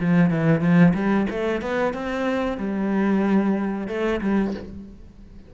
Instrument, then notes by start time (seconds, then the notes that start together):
cello
0.00 F3
0.30 E3
0.60 F3
0.94 G3
1.30 A3
1.62 B3
1.93 C4
2.57 G3
3.87 A3
4.21 G3